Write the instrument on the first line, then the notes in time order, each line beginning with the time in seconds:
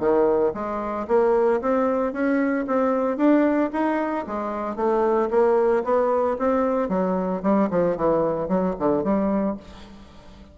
bassoon
0.00 D#3
0.54 G#3
1.08 A#3
1.62 C4
2.13 C#4
2.67 C4
3.18 D4
3.73 D#4
4.27 G#3
4.77 A3
5.31 A#3
5.84 B3
6.39 C4
6.89 F#3
7.43 G3
7.71 F3
7.97 E3
8.49 F#3
8.80 D3
9.04 G3